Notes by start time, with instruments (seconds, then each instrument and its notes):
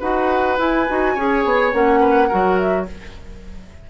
0.00 bassoon D#4, clarinet F#4, oboe B4, flute F#5
0.58 clarinet E4, bassoon E4, flute G#5
0.89 bassoon D#4, clarinet F#4
1.15 bassoon C#4, clarinet G#4, oboe C#5
1.45 bassoon B3
1.72 bassoon A#3, clarinet C#4, flute F#5
2.00 oboe B4
2.28 bassoon F#3, clarinet F#4, oboe A#4
2.57 flute E5